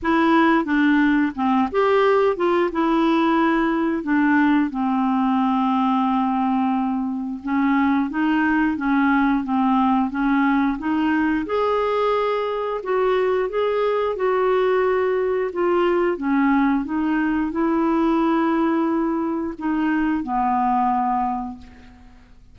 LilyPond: \new Staff \with { instrumentName = "clarinet" } { \time 4/4 \tempo 4 = 89 e'4 d'4 c'8 g'4 f'8 | e'2 d'4 c'4~ | c'2. cis'4 | dis'4 cis'4 c'4 cis'4 |
dis'4 gis'2 fis'4 | gis'4 fis'2 f'4 | cis'4 dis'4 e'2~ | e'4 dis'4 b2 | }